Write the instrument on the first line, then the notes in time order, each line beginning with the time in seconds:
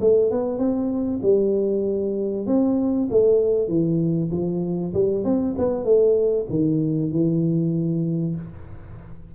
tuba
0.00 A3
0.31 B3
0.58 C4
1.22 G3
2.46 C4
3.10 A3
3.68 E3
4.31 F3
4.93 G3
5.24 C4
5.58 B3
5.84 A3
6.49 D#3
7.11 E3